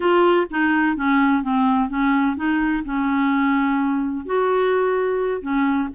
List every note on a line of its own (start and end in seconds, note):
0.00 0.46 F4
0.50 0.96 D#4
0.96 1.42 C#4
1.42 1.89 C4
1.89 2.36 C#4
2.36 2.83 D#4
2.85 4.25 C#4
4.25 5.41 F#4
5.41 5.89 C#4